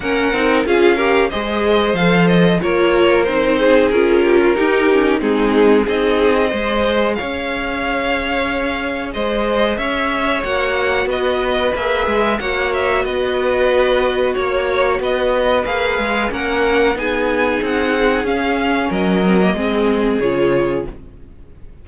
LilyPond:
<<
  \new Staff \with { instrumentName = "violin" } { \time 4/4 \tempo 4 = 92 fis''4 f''4 dis''4 f''8 dis''8 | cis''4 c''4 ais'2 | gis'4 dis''2 f''4~ | f''2 dis''4 e''4 |
fis''4 dis''4 e''4 fis''8 e''8 | dis''2 cis''4 dis''4 | f''4 fis''4 gis''4 fis''4 | f''4 dis''2 cis''4 | }
  \new Staff \with { instrumentName = "violin" } { \time 4/4 ais'4 gis'8 ais'8 c''2 | ais'4. gis'4 g'16 f'16 g'4 | dis'4 gis'4 c''4 cis''4~ | cis''2 c''4 cis''4~ |
cis''4 b'2 cis''4 | b'2 cis''4 b'4~ | b'4 ais'4 gis'2~ | gis'4 ais'4 gis'2 | }
  \new Staff \with { instrumentName = "viola" } { \time 4/4 cis'8 dis'8 f'8 g'8 gis'4 a'4 | f'4 dis'4 f'4 dis'8 cis'8 | c'4 dis'4 gis'2~ | gis'1 |
fis'2 gis'4 fis'4~ | fis'1 | gis'4 cis'4 dis'2 | cis'4. c'16 ais16 c'4 f'4 | }
  \new Staff \with { instrumentName = "cello" } { \time 4/4 ais8 c'8 cis'4 gis4 f4 | ais4 c'4 cis'4 dis'4 | gis4 c'4 gis4 cis'4~ | cis'2 gis4 cis'4 |
ais4 b4 ais8 gis8 ais4 | b2 ais4 b4 | ais8 gis8 ais4 b4 c'4 | cis'4 fis4 gis4 cis4 | }
>>